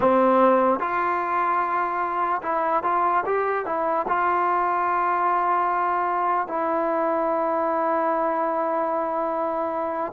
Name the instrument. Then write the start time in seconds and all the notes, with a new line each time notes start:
trombone
0.00 C4
0.79 F4
2.42 E4
2.83 F4
3.25 G4
3.65 E4
4.08 F4
6.47 E4